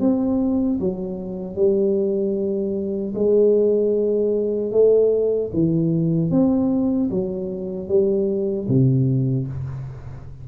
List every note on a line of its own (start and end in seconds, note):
0.00 0.79 C4
0.80 1.56 F#3
1.56 3.14 G3
3.15 4.72 G#3
4.72 5.50 A3
5.53 6.31 E3
6.31 7.10 C4
7.10 7.88 F#3
7.88 8.67 G3
8.68 9.47 C3